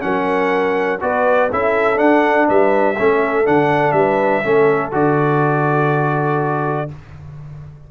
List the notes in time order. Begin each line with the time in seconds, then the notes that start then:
0.00 F#3 C#4 A#4 F#5
1.01 B3 F#4 B4 D5
1.50 C#4 E4 A4 E5
1.95 D4 F#5
2.47 G3 B4 E5
2.98 A3 C#4 A4
3.44 D3 D4 F#5
3.91 G3 B4 E5
4.44 A3 C#4 A4
4.91 D3 F#4 D5